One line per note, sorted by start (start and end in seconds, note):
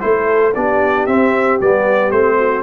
0.00 0.56 A3
0.00 0.53 E4
0.00 0.55 A4
0.00 0.53 C5
0.54 1.07 B3
0.54 1.08 D4
0.54 2.37 G4
0.54 1.06 D5
1.06 1.60 C4
1.06 1.61 C4
1.06 1.59 E5
1.61 2.11 G3
1.61 2.13 B3
1.61 2.11 D5
2.11 2.63 A3
2.11 2.63 C4
2.11 2.63 C5
2.37 2.63 F#4